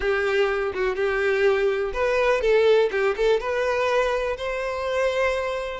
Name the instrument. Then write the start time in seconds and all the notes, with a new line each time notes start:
violin
0.00 G4
0.74 F#4
0.95 G4
1.93 B4
2.41 A4
2.91 G4
3.16 A4
3.40 B4
4.37 C5